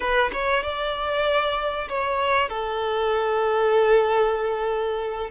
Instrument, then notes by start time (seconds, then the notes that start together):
violin
0.00 B4
0.32 C#5
0.63 D5
1.88 C#5
2.49 A4